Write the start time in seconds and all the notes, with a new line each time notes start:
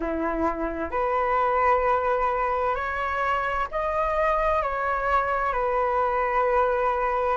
0.00 E4
0.91 B4
2.74 C#5
3.71 D#5
4.62 C#5
5.53 B4